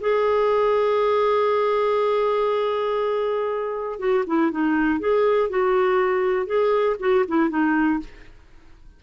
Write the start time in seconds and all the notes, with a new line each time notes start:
0.00 G#4
3.99 F#4
4.26 E4
4.51 D#4
4.99 G#4
5.49 F#4
6.46 G#4
6.99 F#4
7.27 E4
7.49 D#4